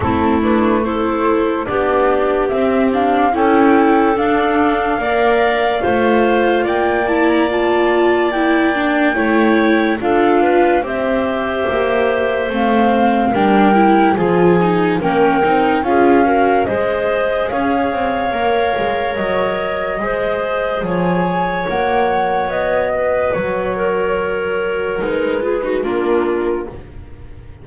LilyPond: <<
  \new Staff \with { instrumentName = "flute" } { \time 4/4 \tempo 4 = 72 a'8 b'8 c''4 d''4 e''8 f''8 | g''4 f''2. | g''8 a''16 ais''16 a''4 g''2 | f''4 e''2 f''4 |
g''4 gis''4 g''4 f''4 | dis''4 f''2 dis''4~ | dis''4 gis''4 fis''4 dis''4 | cis''2 b'4 ais'4 | }
  \new Staff \with { instrumentName = "clarinet" } { \time 4/4 e'4 a'4 g'2 | a'2 d''4 c''4 | d''2. cis''4 | a'8 b'8 c''2. |
ais'4 gis'4 ais'4 gis'8 ais'8 | c''4 cis''2. | c''4 cis''2~ cis''8 b'8~ | b'8 ais'2 gis'16 fis'16 f'4 | }
  \new Staff \with { instrumentName = "viola" } { \time 4/4 c'8 d'8 e'4 d'4 c'8 d'8 | e'4 d'4 ais'4 f'4~ | f'8 e'8 f'4 e'8 d'8 e'4 | f'4 g'2 c'4 |
d'8 e'8 f'8 dis'8 cis'8 dis'8 f'8 fis'8 | gis'2 ais'2 | gis'2 fis'2~ | fis'2 dis'8 f'16 dis'16 d'4 | }
  \new Staff \with { instrumentName = "double bass" } { \time 4/4 a2 b4 c'4 | cis'4 d'4 ais4 a4 | ais2. a4 | d'4 c'4 ais4 a4 |
g4 f4 ais8 c'8 cis'4 | gis4 cis'8 c'8 ais8 gis8 fis4 | gis4 f4 ais4 b4 | fis2 gis4 ais4 | }
>>